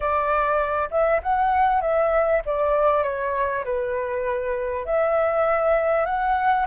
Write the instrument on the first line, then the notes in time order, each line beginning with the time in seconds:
flute
0.00 D5
0.90 E5
1.22 F#5
1.81 E5
2.45 D5
3.03 C#5
3.64 B4
4.85 E5
6.05 F#5